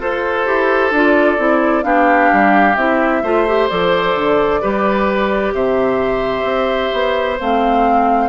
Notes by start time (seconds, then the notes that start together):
0.00 F4 A4 C5
0.46 E4 G4
0.91 D4 F4 D5
1.38 C4 E4
1.83 B3 D4 G4 F5
2.33 G3
2.76 C4 E4 E5
3.23 A3 F4 C5
3.47 G4
3.69 F3 A4 D5
4.15 D3
4.61 G3 G4 B4
5.53 C3 C5 E5
6.44 C4
6.93 B3
7.39 A3 C4 F5